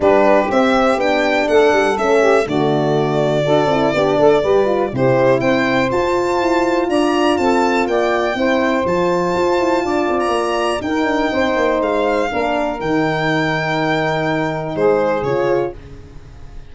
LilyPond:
<<
  \new Staff \with { instrumentName = "violin" } { \time 4/4 \tempo 4 = 122 b'4 e''4 g''4 fis''4 | e''4 d''2.~ | d''2 c''4 g''4 | a''2 ais''4 a''4 |
g''2 a''2~ | a''8. ais''4~ ais''16 g''2 | f''2 g''2~ | g''2 c''4 cis''4 | }
  \new Staff \with { instrumentName = "saxophone" } { \time 4/4 g'2. a'4~ | a'8 g'8 fis'2 a'4 | g'8 a'8 b'4 g'4 c''4~ | c''2 d''4 a'4 |
d''4 c''2. | d''2 ais'4 c''4~ | c''4 ais'2.~ | ais'2 gis'2 | }
  \new Staff \with { instrumentName = "horn" } { \time 4/4 d'4 c'4 d'2 | cis'4 a2 fis'8 e'8 | d'4 g'8 f'8 e'2 | f'1~ |
f'4 e'4 f'2~ | f'2 dis'2~ | dis'4 d'4 dis'2~ | dis'2. f'4 | }
  \new Staff \with { instrumentName = "tuba" } { \time 4/4 g4 c'4 b4 a8 g8 | a4 d2 d'8 c'8 | b8 a8 g4 c4 c'4 | f'4 e'4 d'4 c'4 |
ais4 c'4 f4 f'8 e'8 | d'8 c'8 ais4 dis'8 d'8 c'8 ais8 | gis4 ais4 dis2~ | dis2 gis4 cis4 | }
>>